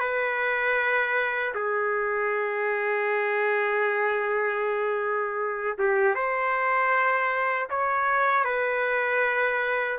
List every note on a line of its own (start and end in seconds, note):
0.00 1.54 B4
1.55 5.78 G#4
5.78 6.15 G4
6.15 7.69 C5
7.70 8.45 C#5
8.45 9.99 B4